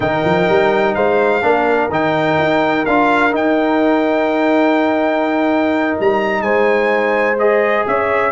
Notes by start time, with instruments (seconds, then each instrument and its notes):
0.00 tuba D#3, trombone D#4, horn A#4, trumpet G5
0.25 tuba F3
0.48 tuba G3
0.94 tuba G#3, horn C5, trumpet F5
1.42 tuba A#3, trombone D4, horn A#4
1.89 tuba D#3, trombone D#4, trumpet G5
2.38 tuba D#4
2.85 tuba D4, trombone F4, trumpet F5
3.31 trombone D#4, tuba D#4, trumpet G5
5.99 tuba G3, trumpet A#5
6.41 tuba G#3, horn C5, trumpet G#5
7.38 trombone G#4, trumpet D#5
7.86 tuba C#4, horn C#5, trumpet E5